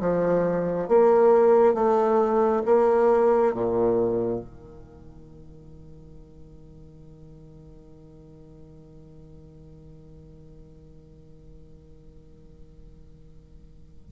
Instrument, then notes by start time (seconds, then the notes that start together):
bassoon
0.00 F3
0.88 A#3
1.74 A3
2.65 A#3
3.54 A#2
4.40 D#3